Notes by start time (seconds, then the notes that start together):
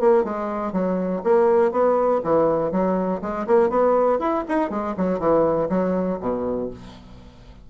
0.00 A#3
0.24 G#3
0.73 F#3
1.24 A#3
1.72 B3
2.24 E3
2.72 F#3
3.22 G#3
3.47 A#3
3.70 B3
4.19 E4
4.49 D#4
4.70 G#3
4.97 F#3
5.20 E3
5.69 F#3
6.21 B2